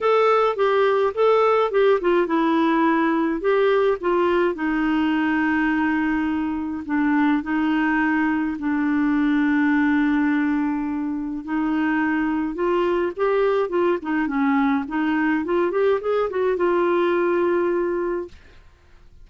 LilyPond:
\new Staff \with { instrumentName = "clarinet" } { \time 4/4 \tempo 4 = 105 a'4 g'4 a'4 g'8 f'8 | e'2 g'4 f'4 | dis'1 | d'4 dis'2 d'4~ |
d'1 | dis'2 f'4 g'4 | f'8 dis'8 cis'4 dis'4 f'8 g'8 | gis'8 fis'8 f'2. | }